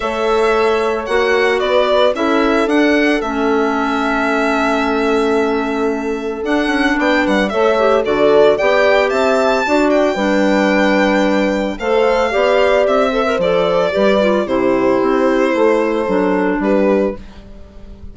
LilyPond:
<<
  \new Staff \with { instrumentName = "violin" } { \time 4/4 \tempo 4 = 112 e''2 fis''4 d''4 | e''4 fis''4 e''2~ | e''1 | fis''4 g''8 fis''8 e''4 d''4 |
g''4 a''4. g''4.~ | g''2 f''2 | e''4 d''2 c''4~ | c''2. b'4 | }
  \new Staff \with { instrumentName = "horn" } { \time 4/4 cis''2. b'4 | a'1~ | a'1~ | a'4 d''8 b'8 cis''4 a'4 |
d''4 e''4 d''4 b'4~ | b'2 c''4 d''4~ | d''8 c''4. b'4 g'4~ | g'4 a'2 g'4 | }
  \new Staff \with { instrumentName = "clarinet" } { \time 4/4 a'2 fis'2 | e'4 d'4 cis'2~ | cis'1 | d'2 a'8 g'8 fis'4 |
g'2 fis'4 d'4~ | d'2 a'4 g'4~ | g'8 a'16 ais'16 a'4 g'8 f'8 e'4~ | e'2 d'2 | }
  \new Staff \with { instrumentName = "bassoon" } { \time 4/4 a2 ais4 b4 | cis'4 d'4 a2~ | a1 | d'8 cis'8 b8 g8 a4 d4 |
b4 c'4 d'4 g4~ | g2 a4 b4 | c'4 f4 g4 c4 | c'4 a4 fis4 g4 | }
>>